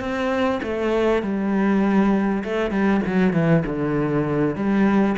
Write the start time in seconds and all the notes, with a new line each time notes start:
0.00 C4
0.63 A3
1.22 G3
2.44 A3
2.71 G3
3.07 F#3
3.34 E3
3.66 D3
4.56 G3